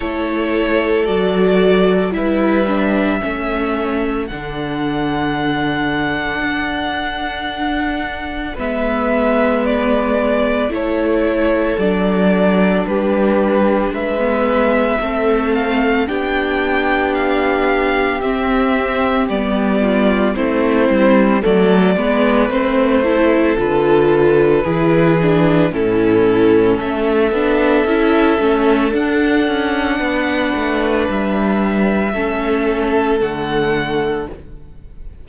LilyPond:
<<
  \new Staff \with { instrumentName = "violin" } { \time 4/4 \tempo 4 = 56 cis''4 d''4 e''2 | fis''1 | e''4 d''4 cis''4 d''4 | b'4 e''4. f''8 g''4 |
f''4 e''4 d''4 c''4 | d''4 c''4 b'2 | a'4 e''2 fis''4~ | fis''4 e''2 fis''4 | }
  \new Staff \with { instrumentName = "violin" } { \time 4/4 a'2 b'4 a'4~ | a'1 | b'2 a'2 | g'4 b'4 a'4 g'4~ |
g'2~ g'8 f'8 e'4 | a'8 b'4 a'4. gis'4 | e'4 a'2. | b'2 a'2 | }
  \new Staff \with { instrumentName = "viola" } { \time 4/4 e'4 fis'4 e'8 d'8 cis'4 | d'1 | b2 e'4 d'4~ | d'4~ d'16 b8. c'4 d'4~ |
d'4 c'4 b4 c'4 | a8 b8 c'8 e'8 f'4 e'8 d'8 | cis'4. d'8 e'8 cis'8 d'4~ | d'2 cis'4 a4 | }
  \new Staff \with { instrumentName = "cello" } { \time 4/4 a4 fis4 g4 a4 | d2 d'2 | gis2 a4 fis4 | g4 gis4 a4 b4~ |
b4 c'4 g4 a8 g8 | fis8 gis8 a4 d4 e4 | a,4 a8 b8 cis'8 a8 d'8 cis'8 | b8 a8 g4 a4 d4 | }
>>